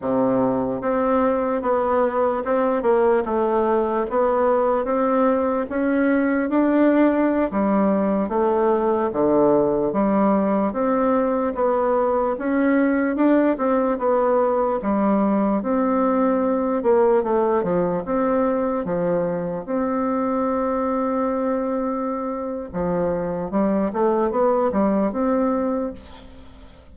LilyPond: \new Staff \with { instrumentName = "bassoon" } { \time 4/4 \tempo 4 = 74 c4 c'4 b4 c'8 ais8 | a4 b4 c'4 cis'4 | d'4~ d'16 g4 a4 d8.~ | d16 g4 c'4 b4 cis'8.~ |
cis'16 d'8 c'8 b4 g4 c'8.~ | c'8. ais8 a8 f8 c'4 f8.~ | f16 c'2.~ c'8. | f4 g8 a8 b8 g8 c'4 | }